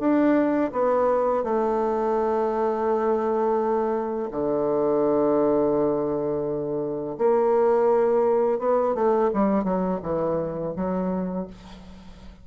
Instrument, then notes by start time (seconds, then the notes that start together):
bassoon
0.00 D4
0.73 B3
1.44 A3
4.31 D3
7.18 A#3
8.59 B3
8.95 A3
9.34 G3
9.64 F#3
10.03 E3
10.76 F#3